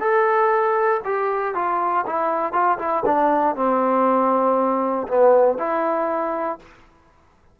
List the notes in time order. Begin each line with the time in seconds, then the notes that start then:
0.00 A4
1.05 G4
1.55 F4
2.06 E4
2.53 F4
2.78 E4
3.05 D4
3.56 C4
5.07 B3
5.58 E4